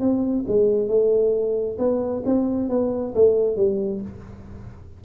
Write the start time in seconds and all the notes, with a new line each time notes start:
0.00 C4
0.47 G#3
0.88 A3
1.78 B3
2.25 C4
2.69 B3
3.14 A3
3.56 G3